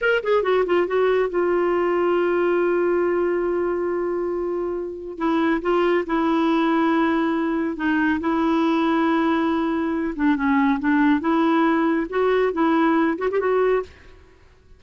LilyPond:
\new Staff \with { instrumentName = "clarinet" } { \time 4/4 \tempo 4 = 139 ais'8 gis'8 fis'8 f'8 fis'4 f'4~ | f'1~ | f'1 | e'4 f'4 e'2~ |
e'2 dis'4 e'4~ | e'2.~ e'8 d'8 | cis'4 d'4 e'2 | fis'4 e'4. fis'16 g'16 fis'4 | }